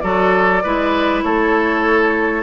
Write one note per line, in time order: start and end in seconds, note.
0.00 0.63 F#3
0.00 0.63 F#4
0.00 0.63 A4
0.00 1.21 D5
0.63 1.23 G#3
0.63 2.42 E4
0.63 1.23 B4
1.22 2.42 A3
1.22 2.42 A4
1.22 2.42 C#5